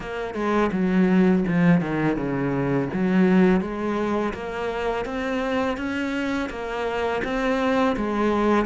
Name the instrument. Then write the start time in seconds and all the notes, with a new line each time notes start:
cello
0.00 A#3
0.34 G#3
0.72 F#3
1.48 F3
1.80 D#3
2.16 C#3
2.93 F#3
3.60 G#3
4.33 A#3
5.05 C4
5.77 C#4
6.49 A#3
7.24 C4
7.96 G#3